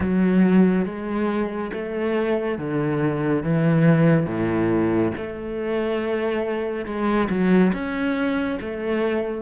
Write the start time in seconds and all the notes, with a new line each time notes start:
0.00 F#3
0.85 G#3
1.72 A3
2.58 D3
3.43 E3
4.26 A2
5.17 A3
6.85 G#3
7.29 F#3
7.73 C#4
8.61 A3